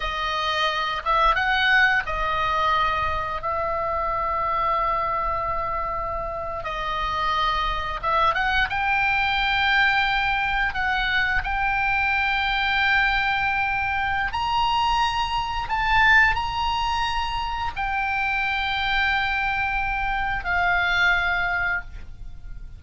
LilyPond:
\new Staff \with { instrumentName = "oboe" } { \time 4/4 \tempo 4 = 88 dis''4. e''8 fis''4 dis''4~ | dis''4 e''2.~ | e''4.~ e''16 dis''2 e''16~ | e''16 fis''8 g''2. fis''16~ |
fis''8. g''2.~ g''16~ | g''4 ais''2 a''4 | ais''2 g''2~ | g''2 f''2 | }